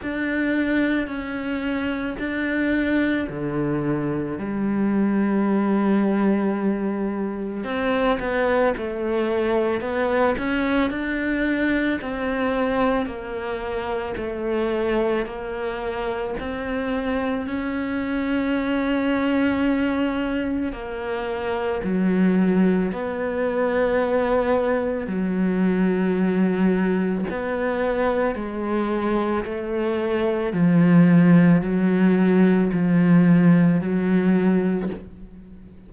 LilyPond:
\new Staff \with { instrumentName = "cello" } { \time 4/4 \tempo 4 = 55 d'4 cis'4 d'4 d4 | g2. c'8 b8 | a4 b8 cis'8 d'4 c'4 | ais4 a4 ais4 c'4 |
cis'2. ais4 | fis4 b2 fis4~ | fis4 b4 gis4 a4 | f4 fis4 f4 fis4 | }